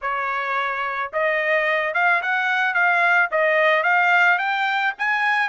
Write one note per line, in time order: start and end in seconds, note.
0.01 1.11 C#5
1.13 1.94 D#5
1.94 2.21 F5
2.22 2.74 F#5
2.74 3.29 F5
3.31 3.83 D#5
3.83 4.38 F5
4.38 4.93 G5
4.98 5.48 G#5